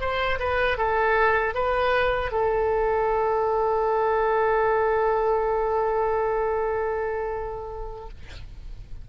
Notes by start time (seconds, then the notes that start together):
0.00 C5
0.39 B4
0.77 A4
1.54 B4
2.31 A4